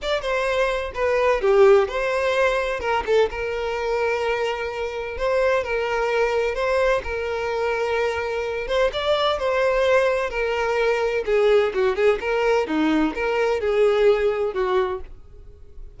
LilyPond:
\new Staff \with { instrumentName = "violin" } { \time 4/4 \tempo 4 = 128 d''8 c''4. b'4 g'4 | c''2 ais'8 a'8 ais'4~ | ais'2. c''4 | ais'2 c''4 ais'4~ |
ais'2~ ais'8 c''8 d''4 | c''2 ais'2 | gis'4 fis'8 gis'8 ais'4 dis'4 | ais'4 gis'2 fis'4 | }